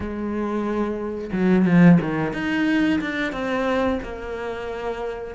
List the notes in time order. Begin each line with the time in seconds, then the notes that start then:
0.00 G#3
1.32 F#3
1.65 F3
2.00 D#3
2.33 D#4
3.00 D4
3.32 C4
4.02 A#3